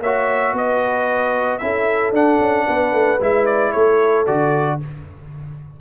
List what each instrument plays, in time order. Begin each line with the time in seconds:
0.00 tuba A#3, trombone F#4, horn C#5, trumpet E5
0.53 tuba B3, horn B4, trumpet D#5
1.58 tuba C#4, trombone E4, horn A4, trumpet E5
2.12 tuba D4, trombone D4, trumpet F#5
2.40 tuba C#4
2.66 tuba B3, horn B4
2.92 tuba A3
3.20 tuba G#3, trombone E4, trumpet E5
3.45 trumpet D5
3.72 tuba A3, horn A4, trumpet C#5
4.26 tuba D3, trombone F#4, trumpet D5